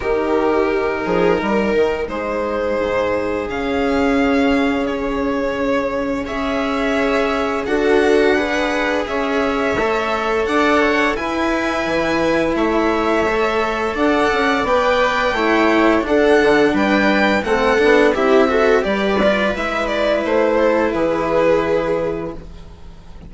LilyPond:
<<
  \new Staff \with { instrumentName = "violin" } { \time 4/4 \tempo 4 = 86 ais'2. c''4~ | c''4 f''2 cis''4~ | cis''4 e''2 fis''4~ | fis''4 e''2 fis''4 |
gis''2 e''2 | fis''4 g''2 fis''4 | g''4 fis''4 e''4 d''4 | e''8 d''8 c''4 b'2 | }
  \new Staff \with { instrumentName = "viola" } { \time 4/4 g'4. gis'8 ais'4 gis'4~ | gis'1~ | gis'4 cis''2 a'4 | b'4 cis''2 d''8 cis''8 |
b'2 cis''2 | d''2 cis''4 a'4 | b'4 a'4 g'8 a'8 b'4~ | b'4. a'8 gis'2 | }
  \new Staff \with { instrumentName = "cello" } { \time 4/4 dis'1~ | dis'4 cis'2.~ | cis'4 gis'2 fis'4 | gis'2 a'2 |
e'2. a'4~ | a'4 b'4 e'4 d'4~ | d'4 c'8 d'8 e'8 fis'8 g'8 f'8 | e'1 | }
  \new Staff \with { instrumentName = "bassoon" } { \time 4/4 dis4. f8 g8 dis8 gis4 | gis,4 cis2.~ | cis4 cis'2 d'4~ | d'4 cis'4 a4 d'4 |
e'4 e4 a2 | d'8 cis'8 b4 a4 d'8 d8 | g4 a8 b8 c'4 g4 | gis4 a4 e2 | }
>>